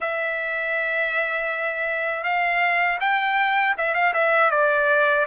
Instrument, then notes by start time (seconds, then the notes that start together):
trumpet
0.00 E5
2.23 F5
3.00 G5
3.77 E5
3.94 F5
4.13 E5
4.50 D5